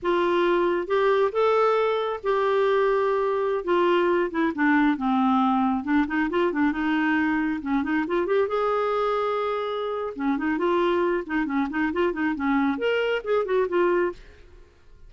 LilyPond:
\new Staff \with { instrumentName = "clarinet" } { \time 4/4 \tempo 4 = 136 f'2 g'4 a'4~ | a'4 g'2.~ | g'16 f'4. e'8 d'4 c'8.~ | c'4~ c'16 d'8 dis'8 f'8 d'8 dis'8.~ |
dis'4~ dis'16 cis'8 dis'8 f'8 g'8 gis'8.~ | gis'2. cis'8 dis'8 | f'4. dis'8 cis'8 dis'8 f'8 dis'8 | cis'4 ais'4 gis'8 fis'8 f'4 | }